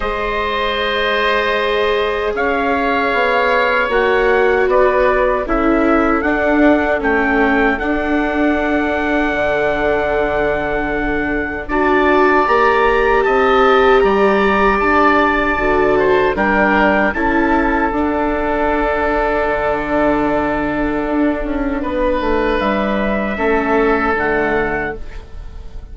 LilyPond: <<
  \new Staff \with { instrumentName = "trumpet" } { \time 4/4 \tempo 4 = 77 dis''2. f''4~ | f''4 fis''4 d''4 e''4 | fis''4 g''4 fis''2~ | fis''2. a''4 |
ais''4 a''4 ais''4 a''4~ | a''4 g''4 a''4 fis''4~ | fis''1~ | fis''4 e''2 fis''4 | }
  \new Staff \with { instrumentName = "oboe" } { \time 4/4 c''2. cis''4~ | cis''2 b'4 a'4~ | a'1~ | a'2. d''4~ |
d''4 dis''4 d''2~ | d''8 c''8 ais'4 a'2~ | a'1 | b'2 a'2 | }
  \new Staff \with { instrumentName = "viola" } { \time 4/4 gis'1~ | gis'4 fis'2 e'4 | d'4 cis'4 d'2~ | d'2. fis'4 |
g'1 | fis'4 d'4 e'4 d'4~ | d'1~ | d'2 cis'4 a4 | }
  \new Staff \with { instrumentName = "bassoon" } { \time 4/4 gis2. cis'4 | b4 ais4 b4 cis'4 | d'4 a4 d'2 | d2. d'4 |
ais4 c'4 g4 d'4 | d4 g4 cis'4 d'4~ | d'4 d2 d'8 cis'8 | b8 a8 g4 a4 d4 | }
>>